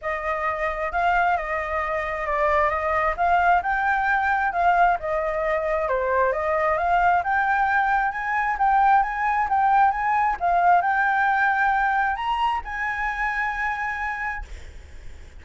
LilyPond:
\new Staff \with { instrumentName = "flute" } { \time 4/4 \tempo 4 = 133 dis''2 f''4 dis''4~ | dis''4 d''4 dis''4 f''4 | g''2 f''4 dis''4~ | dis''4 c''4 dis''4 f''4 |
g''2 gis''4 g''4 | gis''4 g''4 gis''4 f''4 | g''2. ais''4 | gis''1 | }